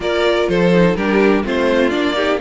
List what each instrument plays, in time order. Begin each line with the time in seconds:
0.00 cello A#3, viola F4, violin A#4 D5
0.48 cello F3, violin A4 C5
0.73 viola D#4
0.95 cello G3, viola D4, violin G4 A#4
1.43 cello A3, viola C4, violin F4 C5
1.89 cello A#3, viola D4, violin D5
2.14 viola D#4, violin G4